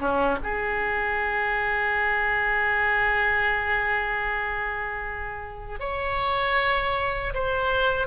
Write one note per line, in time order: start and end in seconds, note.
0.00 0.38 C#4
0.43 5.80 G#4
5.80 7.34 C#5
7.35 8.08 C5